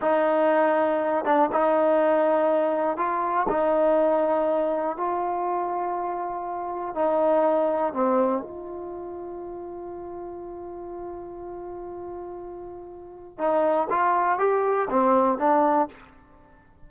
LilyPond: \new Staff \with { instrumentName = "trombone" } { \time 4/4 \tempo 4 = 121 dis'2~ dis'8 d'8 dis'4~ | dis'2 f'4 dis'4~ | dis'2 f'2~ | f'2 dis'2 |
c'4 f'2.~ | f'1~ | f'2. dis'4 | f'4 g'4 c'4 d'4 | }